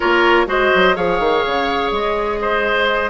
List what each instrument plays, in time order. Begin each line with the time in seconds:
0.00 bassoon A#3, clarinet F4, oboe A#4, flute C#5
0.46 bassoon G#3, clarinet F#4, oboe C5, flute D#5
0.75 bassoon F#3
0.95 bassoon F3, clarinet G#4, oboe C#5, flute F5
1.19 bassoon D#3
1.45 bassoon C#3
1.91 bassoon G#3, flute D#5
2.41 oboe C5